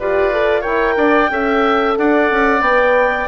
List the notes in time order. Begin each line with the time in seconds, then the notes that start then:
0.00 F4 G4 B4 D5
0.33 A4
0.61 E4 A#4 C#5 G5
0.97 D4 D5
1.30 C#4 A4 E5
1.98 D4 D5 F#5
2.31 C#4
2.61 B3 B4 G5